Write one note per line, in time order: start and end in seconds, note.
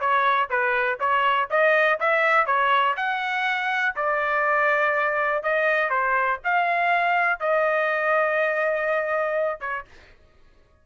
0.00 0.49 C#5
0.50 0.99 B4
1.00 1.49 C#5
1.50 1.99 D#5
2.00 2.46 E5
2.46 2.96 C#5
2.97 3.95 F#5
3.96 5.43 D5
5.43 5.90 D#5
5.90 6.39 C5
6.44 7.40 F5
7.40 9.60 D#5
9.60 9.85 C#5